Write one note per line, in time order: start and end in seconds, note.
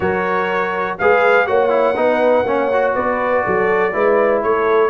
0.00 0.98 F#3
0.00 0.98 F#4
0.00 0.99 A#4
0.00 0.98 C#5
0.98 1.48 G#3
0.98 1.46 G#4
0.98 1.47 B4
0.98 1.46 F5
1.46 1.96 A#3
1.46 1.69 F#4
1.46 1.96 C#5
1.46 2.94 F#5
1.69 1.94 E4
1.96 2.43 B3
1.96 2.45 D#4
1.96 2.46 B4
2.43 2.92 A#3
2.43 2.71 C#4
2.43 2.94 C#5
2.72 3.93 F#4
2.94 3.44 B3
2.94 3.43 B4
2.94 4.42 D5
3.44 3.94 F#3
3.44 3.93 A4
3.93 4.43 G#3
3.93 4.90 E4
3.93 4.42 B4
4.42 4.90 A3
4.42 4.90 A4
4.42 4.90 C#5